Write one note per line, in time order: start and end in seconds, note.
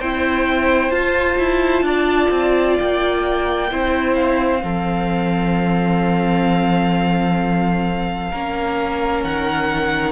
0.00 0.91 C4
0.00 0.93 E4
0.00 1.85 C5
0.00 0.91 G5
0.91 1.37 F4
0.91 3.70 F4
0.91 2.76 A5
1.38 1.82 E4
1.82 2.28 D4
1.82 3.70 D5
2.31 2.77 C4
2.80 3.72 A#3
2.80 4.16 G5
3.71 4.63 C4
3.71 4.60 E4
3.71 4.63 C5
4.16 9.23 F5
4.60 8.33 F3
4.60 8.30 C4
4.60 8.31 A4
8.31 9.24 A#3
8.31 10.12 C#4
8.31 10.12 A#4
9.24 10.12 D#3
9.24 10.12 F#5